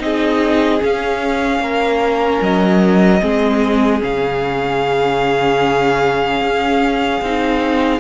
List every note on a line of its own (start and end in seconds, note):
0.00 0.81 C4
0.00 0.80 D#4
0.00 1.63 G#4
0.00 0.83 D#5
0.80 3.20 C#4
0.80 1.60 C#4
0.80 2.43 F5
1.60 2.40 A#3
1.60 3.22 A#4
2.42 3.22 F#3
2.42 4.03 D#5
3.21 4.03 G#3
3.21 4.00 C4
3.21 8.00 G#4
4.01 6.42 C#3
4.01 7.21 C#4
4.01 8.00 F5
6.42 7.22 C#4
7.22 8.00 C4
7.22 8.00 D#4